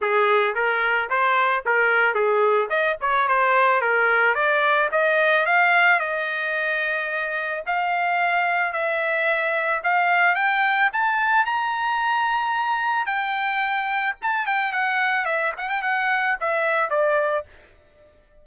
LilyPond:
\new Staff \with { instrumentName = "trumpet" } { \time 4/4 \tempo 4 = 110 gis'4 ais'4 c''4 ais'4 | gis'4 dis''8 cis''8 c''4 ais'4 | d''4 dis''4 f''4 dis''4~ | dis''2 f''2 |
e''2 f''4 g''4 | a''4 ais''2. | g''2 a''8 g''8 fis''4 | e''8 fis''16 g''16 fis''4 e''4 d''4 | }